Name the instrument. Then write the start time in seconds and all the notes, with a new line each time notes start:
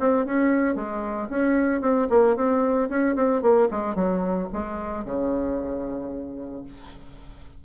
bassoon
0.00 C4
0.26 C#4
0.76 G#3
1.30 C#4
1.81 C4
2.10 A#3
2.37 C4
2.89 C#4
3.16 C4
3.42 A#3
3.71 G#3
3.96 F#3
4.53 G#3
5.05 C#3